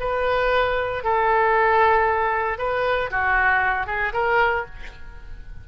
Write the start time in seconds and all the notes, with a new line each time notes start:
0.00 B4
1.04 A4
2.58 B4
3.11 F#4
3.87 G#4
4.13 A#4